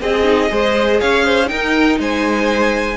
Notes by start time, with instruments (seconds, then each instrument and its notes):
0.00 cello C4, viola C4, violin G#4 D#5
0.24 viola D#4
0.49 cello G#3, viola G#4, violin C5
1.00 cello C#4, violin C#5 F5
1.24 violin C5
1.46 viola D#4, cello D#4, violin A#4 G5
1.99 cello G#3, violin C5 G#5